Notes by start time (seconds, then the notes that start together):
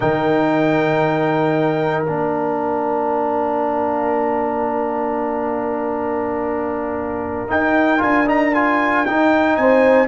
0.00 D#3 D#4 A#4 G5
2.04 A#3 D4 F5
7.48 D#4 G5
7.98 D4 F4 G#5
8.26 D#4 A#5
8.54 F4 G#5
9.05 D#4 G5
9.56 C4 C5 G#5